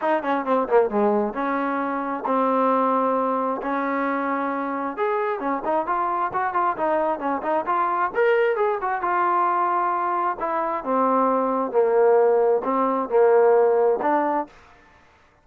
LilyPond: \new Staff \with { instrumentName = "trombone" } { \time 4/4 \tempo 4 = 133 dis'8 cis'8 c'8 ais8 gis4 cis'4~ | cis'4 c'2. | cis'2. gis'4 | cis'8 dis'8 f'4 fis'8 f'8 dis'4 |
cis'8 dis'8 f'4 ais'4 gis'8 fis'8 | f'2. e'4 | c'2 ais2 | c'4 ais2 d'4 | }